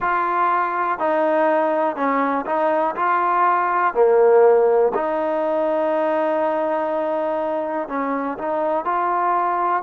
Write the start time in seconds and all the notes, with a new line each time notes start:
0.00 F4
0.98 D#4
1.96 C#4
2.46 D#4
2.95 F4
3.93 A#3
4.94 D#4
7.88 C#4
8.37 D#4
8.84 F4